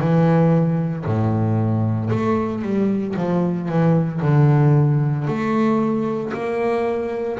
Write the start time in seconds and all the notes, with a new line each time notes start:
0.00 E3
1.06 A2
2.10 A3
2.62 G3
3.17 F3
3.69 E3
4.22 D3
5.27 A3
6.34 A#3